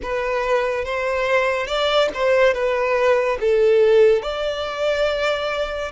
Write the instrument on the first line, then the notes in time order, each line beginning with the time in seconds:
violin
0.02 B4
0.85 C5
1.67 D5
2.14 C5
2.53 B4
3.40 A4
4.22 D5